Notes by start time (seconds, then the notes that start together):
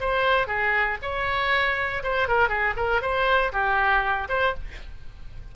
0.00 C5
0.47 G#4
1.02 C#5
2.03 C5
2.28 A#4
2.49 G#4
2.76 A#4
3.02 C5
3.52 G4
4.29 C5